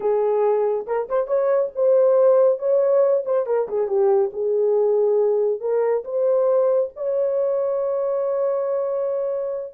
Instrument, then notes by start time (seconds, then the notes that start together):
horn
0.00 G#4
0.86 A#4
1.08 C5
1.27 C#5
1.75 C5
2.58 C#5
3.25 C5
3.46 A#4
3.68 G#4
3.87 G4
4.33 G#4
5.60 A#4
6.04 C5
6.96 C#5